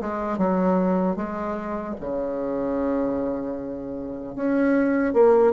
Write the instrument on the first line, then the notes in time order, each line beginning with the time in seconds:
bassoon
0.00 G#3
0.37 F#3
1.16 G#3
2.00 C#3
4.35 C#4
5.13 A#3